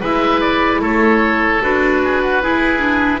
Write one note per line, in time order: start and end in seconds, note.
0.00 0.80 G#3
0.00 1.61 E4
0.00 0.80 B4
0.00 0.40 E5
0.40 0.80 D5
0.80 1.60 A3
0.80 2.01 A4
0.80 1.63 C#5
1.61 2.43 D4
1.61 2.41 F#4
1.61 3.20 B4
2.04 2.22 G#4
2.22 2.42 F#4
2.41 2.78 E4
2.41 3.20 E4
2.41 3.20 G#4
2.78 3.18 D4